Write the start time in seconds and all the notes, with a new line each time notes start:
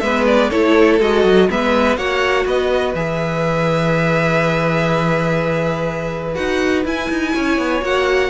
0.00 G#3 B3 B4 E5
0.26 D5
0.50 A3 E4 A4 C#5
1.00 G#3 F#4 D#5
1.24 F#3
1.49 G#3 B3 B4 E5
1.97 A#3 F#4 C#5 F#5
2.45 B3 B4 D#5
2.95 E3 G#4 E5
6.34 D#4 F#4 F#5
6.85 E4 G#5
7.10 D#4
7.35 C#4 C#5
7.58 B3
7.81 A#3 F#4 F#5